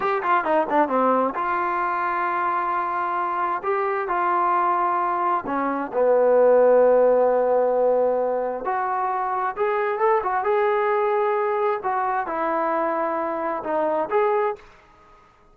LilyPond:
\new Staff \with { instrumentName = "trombone" } { \time 4/4 \tempo 4 = 132 g'8 f'8 dis'8 d'8 c'4 f'4~ | f'1 | g'4 f'2. | cis'4 b2.~ |
b2. fis'4~ | fis'4 gis'4 a'8 fis'8 gis'4~ | gis'2 fis'4 e'4~ | e'2 dis'4 gis'4 | }